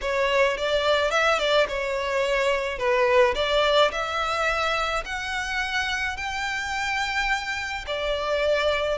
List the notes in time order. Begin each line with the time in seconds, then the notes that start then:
0.01 C#5
0.57 D5
1.10 E5
1.38 D5
1.68 C#5
2.78 B4
3.35 D5
3.91 E5
5.05 F#5
6.17 G5
7.87 D5